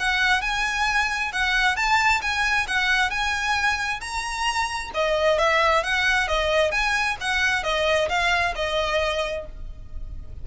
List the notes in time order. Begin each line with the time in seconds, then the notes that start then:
0.00 F#5
0.42 G#5
1.33 F#5
1.77 A5
2.22 G#5
2.68 F#5
3.11 G#5
4.01 A#5
4.95 D#5
5.39 E5
5.84 F#5
6.28 D#5
6.72 G#5
7.21 F#5
7.64 D#5
8.10 F5
8.56 D#5